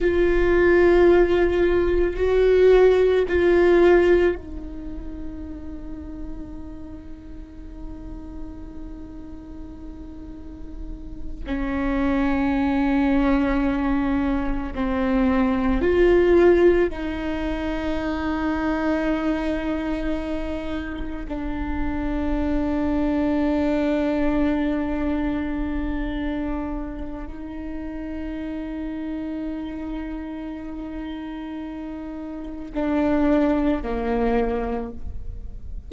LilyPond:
\new Staff \with { instrumentName = "viola" } { \time 4/4 \tempo 4 = 55 f'2 fis'4 f'4 | dis'1~ | dis'2~ dis'8 cis'4.~ | cis'4. c'4 f'4 dis'8~ |
dis'2.~ dis'8 d'8~ | d'1~ | d'4 dis'2.~ | dis'2 d'4 ais4 | }